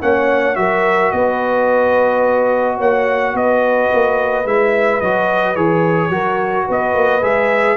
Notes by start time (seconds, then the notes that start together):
0.00 A#3 C#4 C#5 F#5
0.55 F#3 F#4 A#4 E5
1.11 B3 B4 D#5
2.77 A#3 C#5 F#5
3.34 B3 B4 D#5
3.93 A#3
4.45 G#3 E4 E5
5.01 F#3 F#4 D#5
5.55 E3 G#4 C#5
6.09 F#3 F#4 A#4
6.66 B3 B4 D#5
6.94 A#3
7.21 G#3 G#4 E5